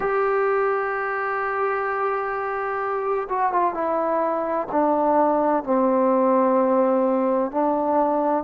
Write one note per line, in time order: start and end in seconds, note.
0.00 3.28 G4
3.29 3.52 F#4
3.52 3.73 F4
3.73 4.67 E4
4.71 5.63 D4
5.63 7.51 C4
7.51 8.44 D4